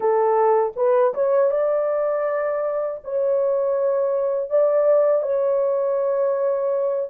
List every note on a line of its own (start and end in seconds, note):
0.00 0.72 A4
0.76 1.13 B4
1.14 1.50 C#5
1.50 3.00 D5
3.04 4.50 C#5
4.50 5.22 D5
5.22 7.09 C#5